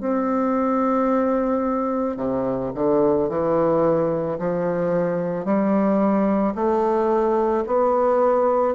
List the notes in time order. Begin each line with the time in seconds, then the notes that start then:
0.00 C4
2.17 C3
2.75 D3
3.29 E3
4.38 F3
5.44 G3
6.55 A3
7.67 B3